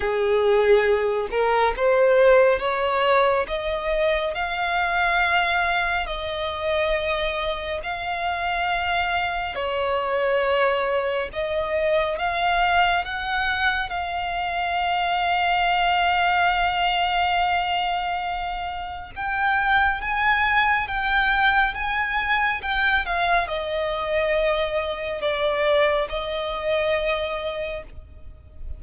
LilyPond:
\new Staff \with { instrumentName = "violin" } { \time 4/4 \tempo 4 = 69 gis'4. ais'8 c''4 cis''4 | dis''4 f''2 dis''4~ | dis''4 f''2 cis''4~ | cis''4 dis''4 f''4 fis''4 |
f''1~ | f''2 g''4 gis''4 | g''4 gis''4 g''8 f''8 dis''4~ | dis''4 d''4 dis''2 | }